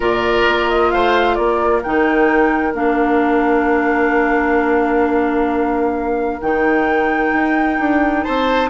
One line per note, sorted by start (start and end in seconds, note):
0.00 0.46 A#2
0.00 1.83 F4
0.00 0.91 A#4
0.00 0.69 D5
0.48 0.93 A#3
0.69 0.90 D#5
0.90 1.37 A3
0.90 1.37 C5
0.90 1.34 F5
1.34 1.83 A#3
1.34 8.24 A#4
1.34 1.80 D5
1.82 2.73 D#3
1.82 2.73 D#4
1.82 2.74 G5
2.73 6.40 A#3
2.73 6.40 D4
2.73 6.41 F5
6.40 7.33 D#3
6.40 8.69 D#4
6.40 8.23 G5
7.33 7.78 D#4
7.79 8.24 D4
8.23 8.69 C4
8.23 8.69 C5
8.23 8.69 A5